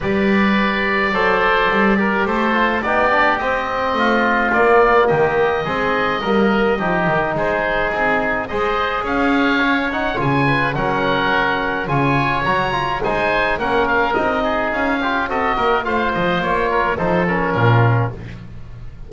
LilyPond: <<
  \new Staff \with { instrumentName = "oboe" } { \time 4/4 \tempo 4 = 106 d''1 | c''4 d''4 dis''2 | d''4 dis''2.~ | dis''4 c''4 gis'4 dis''4 |
f''4. fis''8 gis''4 fis''4~ | fis''4 gis''4 ais''4 gis''4 | fis''8 f''8 dis''4 f''4 dis''4 | f''8 dis''8 cis''4 c''8 ais'4. | }
  \new Staff \with { instrumentName = "oboe" } { \time 4/4 b'2 c''4. ais'8 | a'4 g'2 f'4~ | f'4 g'4 gis'4 ais'4 | g'4 gis'2 c''4 |
cis''2~ cis''8 b'8 ais'4~ | ais'4 cis''2 c''4 | ais'4. gis'4 g'8 a'8 ais'8 | c''4. ais'8 a'4 f'4 | }
  \new Staff \with { instrumentName = "trombone" } { \time 4/4 g'2 a'4. g'8~ | g'8 f'8 dis'8 d'8 c'2 | ais2 c'4 ais4 | dis'2. gis'4~ |
gis'4 cis'8 dis'8 f'4 cis'4~ | cis'4 f'4 fis'8 f'8 dis'4 | cis'4 dis'4. f'8 fis'4 | f'2 dis'8 cis'4. | }
  \new Staff \with { instrumentName = "double bass" } { \time 4/4 g2 fis4 g4 | a4 b4 c'4 a4 | ais4 dis4 gis4 g4 | f8 dis8 gis4 c'4 gis4 |
cis'2 cis4 fis4~ | fis4 cis4 fis4 gis4 | ais4 c'4 cis'4 c'8 ais8 | a8 f8 ais4 f4 ais,4 | }
>>